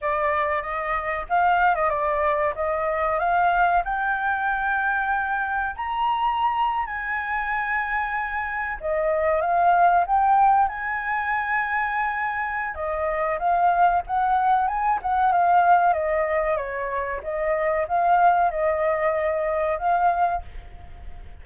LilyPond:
\new Staff \with { instrumentName = "flute" } { \time 4/4 \tempo 4 = 94 d''4 dis''4 f''8. dis''16 d''4 | dis''4 f''4 g''2~ | g''4 ais''4.~ ais''16 gis''4~ gis''16~ | gis''4.~ gis''16 dis''4 f''4 g''16~ |
g''8. gis''2.~ gis''16 | dis''4 f''4 fis''4 gis''8 fis''8 | f''4 dis''4 cis''4 dis''4 | f''4 dis''2 f''4 | }